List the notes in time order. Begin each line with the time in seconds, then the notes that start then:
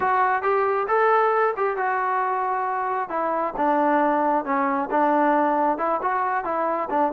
0.00 F#4
0.42 G4
0.87 A4
1.56 G4
1.77 F#4
3.09 E4
3.56 D4
4.44 C#4
4.91 D4
5.78 E4
6.02 F#4
6.44 E4
6.90 D4